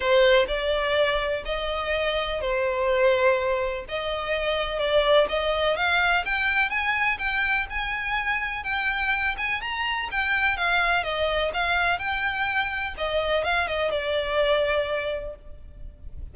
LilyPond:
\new Staff \with { instrumentName = "violin" } { \time 4/4 \tempo 4 = 125 c''4 d''2 dis''4~ | dis''4 c''2. | dis''2 d''4 dis''4 | f''4 g''4 gis''4 g''4 |
gis''2 g''4. gis''8 | ais''4 g''4 f''4 dis''4 | f''4 g''2 dis''4 | f''8 dis''8 d''2. | }